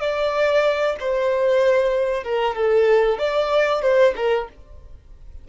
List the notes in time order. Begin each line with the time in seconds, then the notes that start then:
0.00 D5
1.00 C5
2.23 A#4
2.55 A4
3.18 D5
3.82 C5
4.15 A#4